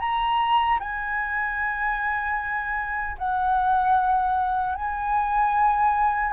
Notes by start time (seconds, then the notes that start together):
0.00 A#5
0.80 G#5
3.18 F#5
4.75 G#5